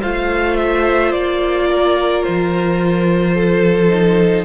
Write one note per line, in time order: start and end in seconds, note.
0.00 1.13 A3
0.00 3.89 F4
0.00 1.67 C5
0.00 0.56 F5
0.56 1.11 E5
1.12 2.24 A#3
1.12 2.23 D5
1.69 3.34 A#4
2.23 4.44 F3
2.23 4.44 C5
3.34 4.44 A4
3.89 4.44 D#4